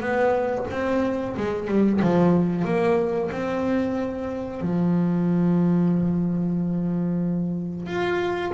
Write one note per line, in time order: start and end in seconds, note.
0.00 0.65 B3
0.70 1.35 C4
1.37 1.67 G#3
1.67 2.00 G3
2.02 2.65 F3
2.65 3.30 A#3
3.31 4.61 C4
4.61 7.86 F3
7.86 8.51 F4